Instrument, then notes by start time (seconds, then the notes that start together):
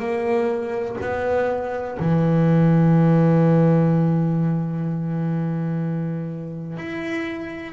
double bass
0.00 A#3
1.02 B3
2.00 E3
6.78 E4